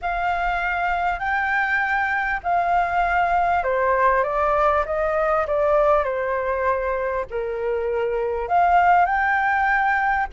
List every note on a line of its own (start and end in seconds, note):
0.01 1.19 F5
1.19 2.40 G5
2.43 3.63 F5
3.63 4.23 C5
4.23 4.84 D5
4.85 5.46 D#5
5.47 6.04 D5
6.04 7.25 C5
7.30 8.48 A#4
8.48 9.05 F5
9.05 10.26 G5